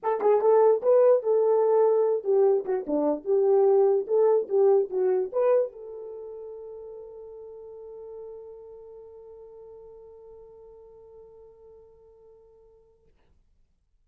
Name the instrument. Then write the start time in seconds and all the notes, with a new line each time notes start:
horn
0.02 A4
0.21 G#4
0.40 A4
0.82 B4
1.22 A4
2.24 G4
2.65 F#4
2.86 D4
3.24 G4
4.07 A4
4.48 G4
4.90 F#4
5.32 B4
5.72 A4